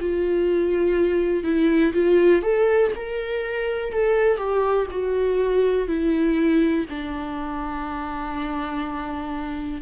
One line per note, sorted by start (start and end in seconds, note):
0.00 1.44 F4
1.44 1.93 E4
1.93 2.42 F4
2.42 2.92 A4
2.96 3.92 A#4
3.92 4.37 A4
4.37 4.86 G4
4.91 5.87 F#4
5.87 6.86 E4
6.89 9.82 D4